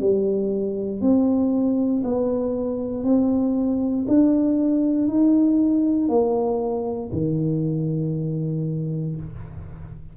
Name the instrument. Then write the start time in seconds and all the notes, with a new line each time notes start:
tuba
0.00 G3
1.01 C4
2.04 B3
3.04 C4
4.08 D4
5.08 D#4
6.09 A#3
7.12 D#3